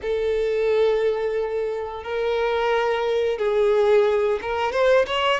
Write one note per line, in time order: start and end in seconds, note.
0.02 2.03 A4
2.03 3.38 A#4
3.38 4.39 G#4
4.41 4.72 A#4
4.72 5.05 C5
5.06 5.40 C#5